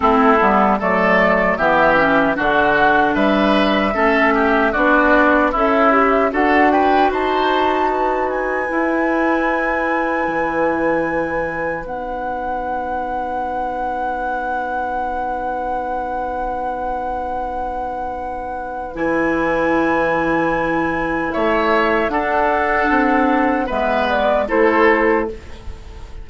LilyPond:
<<
  \new Staff \with { instrumentName = "flute" } { \time 4/4 \tempo 4 = 76 a'4 d''4 e''4 fis''4 | e''2 d''4 e''4 | fis''8 g''8 a''4. gis''4.~ | gis''2. fis''4~ |
fis''1~ | fis''1 | gis''2. e''4 | fis''2 e''8 d''8 c''4 | }
  \new Staff \with { instrumentName = "oboe" } { \time 4/4 e'4 a'4 g'4 fis'4 | b'4 a'8 g'8 fis'4 e'4 | a'8 b'8 c''4 b'2~ | b'1~ |
b'1~ | b'1~ | b'2. cis''4 | a'2 b'4 a'4 | }
  \new Staff \with { instrumentName = "clarinet" } { \time 4/4 c'8 b8 a4 b8 cis'8 d'4~ | d'4 cis'4 d'4 a'8 g'8 | fis'2. e'4~ | e'2. dis'4~ |
dis'1~ | dis'1 | e'1 | d'2 b4 e'4 | }
  \new Staff \with { instrumentName = "bassoon" } { \time 4/4 a8 g8 fis4 e4 d4 | g4 a4 b4 cis'4 | d'4 dis'2 e'4~ | e'4 e2 b4~ |
b1~ | b1 | e2. a4 | d'4 c'4 gis4 a4 | }
>>